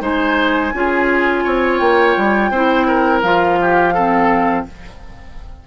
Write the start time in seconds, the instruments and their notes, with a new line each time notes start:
0.00 bassoon G#3, clarinet D#4, oboe C5, flute G#5
0.73 bassoon C#4, clarinet F4, oboe G#4
1.44 bassoon C4, oboe C#5
1.78 bassoon A#3, flute G5
2.17 bassoon G3
2.50 bassoon C4, clarinet E4, oboe C5
2.87 oboe A#4
3.22 bassoon F3, clarinet F4, flute F5
3.61 oboe G4
3.93 clarinet C4, oboe A4